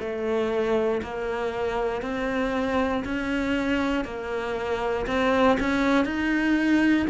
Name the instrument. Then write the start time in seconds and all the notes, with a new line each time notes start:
cello
0.00 A3
1.03 A#3
2.02 C4
3.05 C#4
4.05 A#3
5.07 C4
5.60 C#4
6.05 D#4